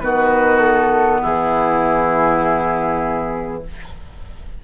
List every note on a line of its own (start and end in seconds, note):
0.00 1.23 D#3
0.00 3.62 B3
0.00 1.22 F#4
0.00 0.59 B4
0.59 1.19 A4
1.22 3.64 E3
1.22 3.62 E4
1.22 3.63 G#4